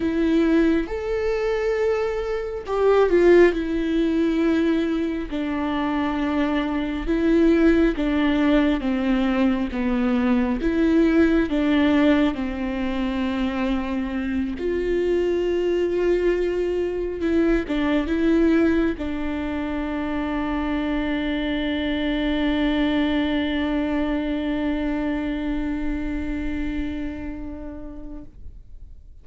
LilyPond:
\new Staff \with { instrumentName = "viola" } { \time 4/4 \tempo 4 = 68 e'4 a'2 g'8 f'8 | e'2 d'2 | e'4 d'4 c'4 b4 | e'4 d'4 c'2~ |
c'8 f'2. e'8 | d'8 e'4 d'2~ d'8~ | d'1~ | d'1 | }